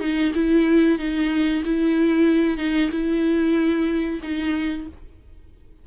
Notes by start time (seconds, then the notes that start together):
0.00 D#4
0.35 E4
0.99 D#4
1.65 E4
2.57 D#4
2.91 E4
4.23 D#4